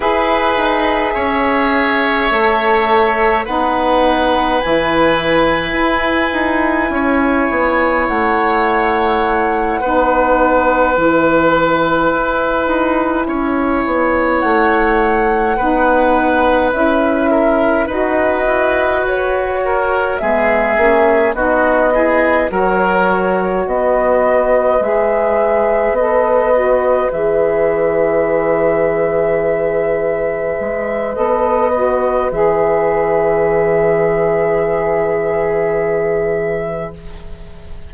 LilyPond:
<<
  \new Staff \with { instrumentName = "flute" } { \time 4/4 \tempo 4 = 52 e''2. fis''4 | gis''2. fis''4~ | fis''4. gis''2~ gis''8~ | gis''8 fis''2 e''4 dis''8~ |
dis''8 cis''4 e''4 dis''4 cis''8~ | cis''8 dis''4 e''4 dis''4 e''8~ | e''2. dis''4 | e''1 | }
  \new Staff \with { instrumentName = "oboe" } { \time 4/4 b'4 cis''2 b'4~ | b'2 cis''2~ | cis''8 b'2. cis''8~ | cis''4. b'4. ais'8 b'8~ |
b'4 ais'8 gis'4 fis'8 gis'8 ais'8~ | ais'8 b'2.~ b'8~ | b'1~ | b'1 | }
  \new Staff \with { instrumentName = "saxophone" } { \time 4/4 gis'2 a'4 dis'4 | e'1~ | e'8 dis'4 e'2~ e'8~ | e'4. dis'4 e'4 fis'8~ |
fis'4. b8 cis'8 dis'8 e'8 fis'8~ | fis'4. gis'4 a'8 fis'8 gis'8~ | gis'2. a'8 fis'8 | gis'1 | }
  \new Staff \with { instrumentName = "bassoon" } { \time 4/4 e'8 dis'8 cis'4 a4 b4 | e4 e'8 dis'8 cis'8 b8 a4~ | a8 b4 e4 e'8 dis'8 cis'8 | b8 a4 b4 cis'4 dis'8 |
e'8 fis'4 gis8 ais8 b4 fis8~ | fis8 b4 gis4 b4 e8~ | e2~ e8 gis8 b4 | e1 | }
>>